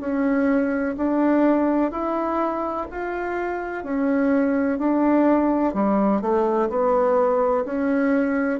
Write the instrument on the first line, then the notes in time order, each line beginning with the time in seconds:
bassoon
0.00 C#4
0.97 D4
1.91 E4
2.90 F4
3.84 C#4
4.78 D4
5.74 G3
6.21 A3
6.69 B3
7.65 C#4